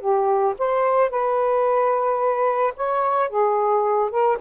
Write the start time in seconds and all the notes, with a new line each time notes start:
0.00 G4
0.59 C5
1.10 B4
2.76 C#5
3.30 G#4
4.11 A#4